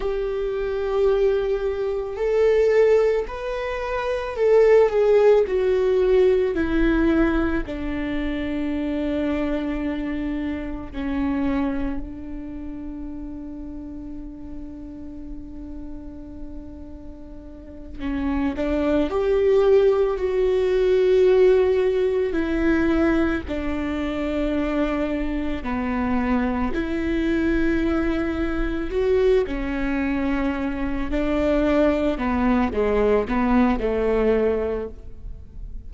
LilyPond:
\new Staff \with { instrumentName = "viola" } { \time 4/4 \tempo 4 = 55 g'2 a'4 b'4 | a'8 gis'8 fis'4 e'4 d'4~ | d'2 cis'4 d'4~ | d'1~ |
d'8 cis'8 d'8 g'4 fis'4.~ | fis'8 e'4 d'2 b8~ | b8 e'2 fis'8 cis'4~ | cis'8 d'4 b8 gis8 b8 a4 | }